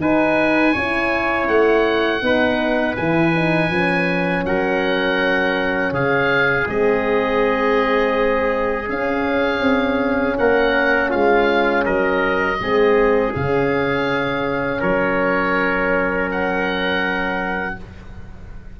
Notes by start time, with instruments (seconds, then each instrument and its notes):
0.00 tuba D#4, horn D#4, trumpet B4, oboe G#5
0.73 tuba C#4, horn E4, trumpet C#5
1.48 tuba A3, oboe F#5
2.21 tuba B3, horn D#4, trumpet B4
2.96 tuba E3, horn E4, oboe G#5
3.35 horn D#4
3.70 tuba F3, horn C#4
4.44 tuba F#3, trumpet A#4, oboe F#5
5.92 tuba C#3, trumpet G#4, oboe F5
6.67 tuba G#3, horn C4, oboe D#5
8.87 horn C#4, tuba C#4, oboe F5
9.60 tuba C4
10.38 tuba A#3, trumpet A#4, oboe F#5
11.10 tuba G#3, trumpet F4, oboe F5
11.85 tuba F#3, trumpet A#4, oboe D#5
12.60 tuba G#3, horn C4, trumpet G#4
13.35 tuba C#3, horn C#4, oboe F5
14.80 tuba F#3, trumpet A#4, oboe C#5
16.31 oboe F#5